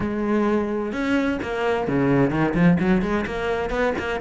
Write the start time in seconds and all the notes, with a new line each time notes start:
0.00 G#3
0.92 C#4
1.42 A#3
1.87 C#3
2.30 D#3
2.54 F3
2.79 F#3
3.02 G#3
3.26 A#3
3.70 B3
3.98 A#3